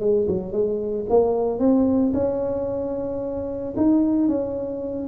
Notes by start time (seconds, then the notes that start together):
0.00 G#3
0.27 F#3
0.52 G#3
1.09 A#3
1.59 C4
2.13 C#4
3.76 D#4
4.28 C#4